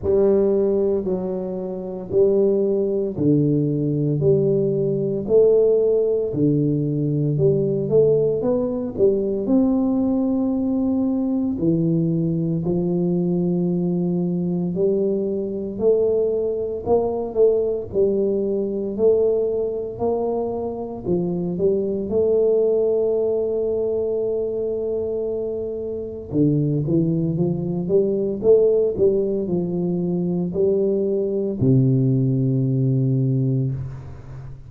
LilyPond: \new Staff \with { instrumentName = "tuba" } { \time 4/4 \tempo 4 = 57 g4 fis4 g4 d4 | g4 a4 d4 g8 a8 | b8 g8 c'2 e4 | f2 g4 a4 |
ais8 a8 g4 a4 ais4 | f8 g8 a2.~ | a4 d8 e8 f8 g8 a8 g8 | f4 g4 c2 | }